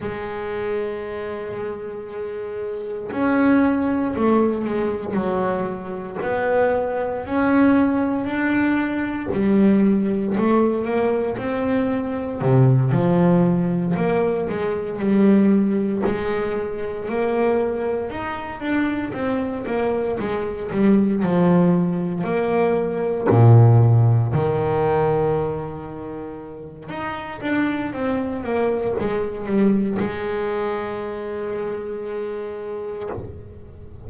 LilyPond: \new Staff \with { instrumentName = "double bass" } { \time 4/4 \tempo 4 = 58 gis2. cis'4 | a8 gis8 fis4 b4 cis'4 | d'4 g4 a8 ais8 c'4 | c8 f4 ais8 gis8 g4 gis8~ |
gis8 ais4 dis'8 d'8 c'8 ais8 gis8 | g8 f4 ais4 ais,4 dis8~ | dis2 dis'8 d'8 c'8 ais8 | gis8 g8 gis2. | }